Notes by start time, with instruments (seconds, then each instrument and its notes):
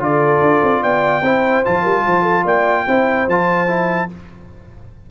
0.00 tuba D3, trombone F4, horn A4, trumpet D5
0.41 tuba D4
0.63 tuba C4
0.82 tuba B3, horn D5, trumpet G5
1.22 tuba C4, trombone E4, horn C5
1.65 tuba F3, trombone F4, trumpet A5
1.82 tuba G3, horn A#4
2.06 tuba F3, horn C5
2.23 horn A4
2.45 tuba A#3, horn D5, trumpet G5
2.87 tuba C4, trombone E4, horn C5
3.27 tuba F3, trombone F4, trumpet A5
3.68 trombone E4